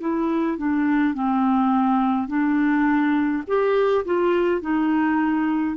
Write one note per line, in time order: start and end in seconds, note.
0.00 0.57 E4
0.57 1.14 D4
1.14 2.28 C4
2.28 3.43 D4
3.47 4.04 G4
4.05 4.61 F4
4.61 5.76 D#4